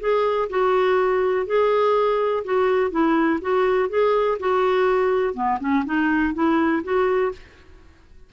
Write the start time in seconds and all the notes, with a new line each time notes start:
0.00 G#4
0.49 F#4
1.46 G#4
2.44 F#4
2.91 E4
3.41 F#4
3.89 G#4
4.39 F#4
5.34 B3
5.60 C#4
5.85 D#4
6.34 E4
6.83 F#4